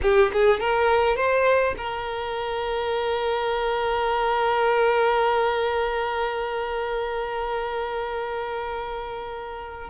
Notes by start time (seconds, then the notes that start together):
0.02 G4
0.33 G#4
0.60 A#4
1.16 C5
1.77 A#4